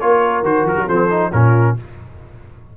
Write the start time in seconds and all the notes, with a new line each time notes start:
0.00 A#3 F4 A#4 C#5
0.43 D#3 F#4 C5
0.64 F3 A#4
0.77 F#3
0.87 F3 C4 A4 C5
1.10 D#4
1.32 A#2 C#4 F4 A#4